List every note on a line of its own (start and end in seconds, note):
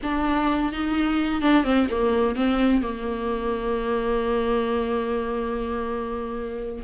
0.02 0.72 D4
0.72 1.41 D#4
1.41 1.64 D4
1.64 1.87 C4
1.90 2.35 A#3
2.35 2.82 C4
2.82 6.83 A#3